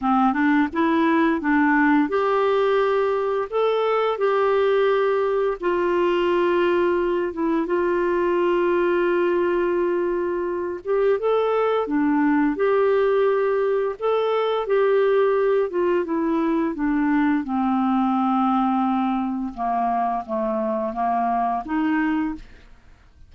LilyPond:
\new Staff \with { instrumentName = "clarinet" } { \time 4/4 \tempo 4 = 86 c'8 d'8 e'4 d'4 g'4~ | g'4 a'4 g'2 | f'2~ f'8 e'8 f'4~ | f'2.~ f'8 g'8 |
a'4 d'4 g'2 | a'4 g'4. f'8 e'4 | d'4 c'2. | ais4 a4 ais4 dis'4 | }